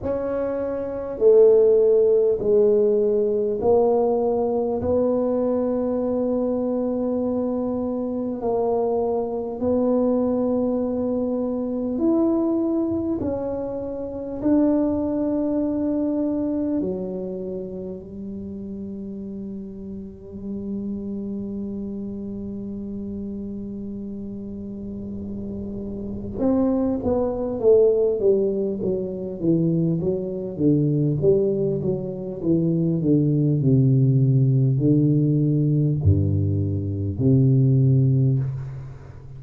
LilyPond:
\new Staff \with { instrumentName = "tuba" } { \time 4/4 \tempo 4 = 50 cis'4 a4 gis4 ais4 | b2. ais4 | b2 e'4 cis'4 | d'2 fis4 g4~ |
g1~ | g2 c'8 b8 a8 g8 | fis8 e8 fis8 d8 g8 fis8 e8 d8 | c4 d4 g,4 c4 | }